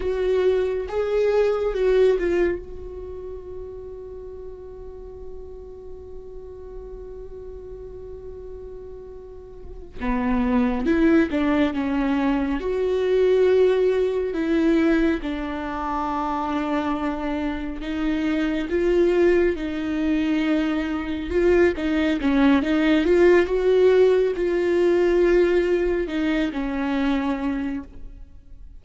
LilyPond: \new Staff \with { instrumentName = "viola" } { \time 4/4 \tempo 4 = 69 fis'4 gis'4 fis'8 f'8 fis'4~ | fis'1~ | fis'2.~ fis'8 b8~ | b8 e'8 d'8 cis'4 fis'4.~ |
fis'8 e'4 d'2~ d'8~ | d'8 dis'4 f'4 dis'4.~ | dis'8 f'8 dis'8 cis'8 dis'8 f'8 fis'4 | f'2 dis'8 cis'4. | }